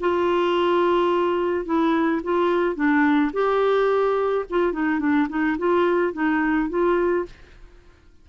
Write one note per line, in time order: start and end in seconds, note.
0.00 1.65 F4
1.65 2.21 E4
2.23 2.75 F4
2.75 3.31 D4
3.33 4.45 G4
4.50 4.72 F4
4.72 4.99 D#4
4.99 5.27 D4
5.29 5.57 D#4
5.58 6.13 F4
6.13 6.69 D#4
6.69 7.25 F4